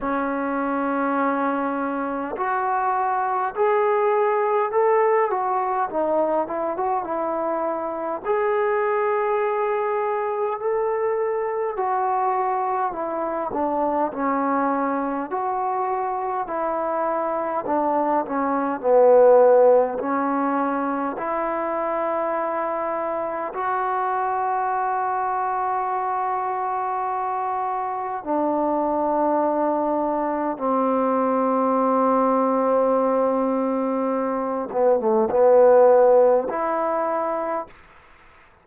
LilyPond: \new Staff \with { instrumentName = "trombone" } { \time 4/4 \tempo 4 = 51 cis'2 fis'4 gis'4 | a'8 fis'8 dis'8 e'16 fis'16 e'4 gis'4~ | gis'4 a'4 fis'4 e'8 d'8 | cis'4 fis'4 e'4 d'8 cis'8 |
b4 cis'4 e'2 | fis'1 | d'2 c'2~ | c'4. b16 a16 b4 e'4 | }